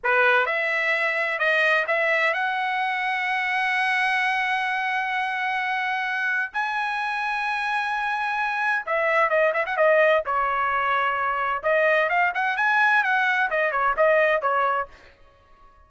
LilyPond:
\new Staff \with { instrumentName = "trumpet" } { \time 4/4 \tempo 4 = 129 b'4 e''2 dis''4 | e''4 fis''2.~ | fis''1~ | fis''2 gis''2~ |
gis''2. e''4 | dis''8 e''16 fis''16 dis''4 cis''2~ | cis''4 dis''4 f''8 fis''8 gis''4 | fis''4 dis''8 cis''8 dis''4 cis''4 | }